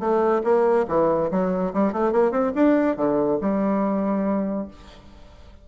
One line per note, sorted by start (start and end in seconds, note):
0.00 0.42 A3
0.44 0.86 A#3
0.89 1.31 E3
1.31 1.73 F#3
1.74 1.93 G3
1.93 2.12 A3
2.12 2.32 A#3
2.32 2.53 C4
2.55 2.97 D4
2.97 3.39 D3
3.41 4.68 G3